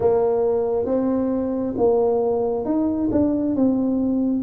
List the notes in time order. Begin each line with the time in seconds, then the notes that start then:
0.00 A#3
0.85 C4
1.77 A#3
2.65 D#4
3.11 D4
3.55 C4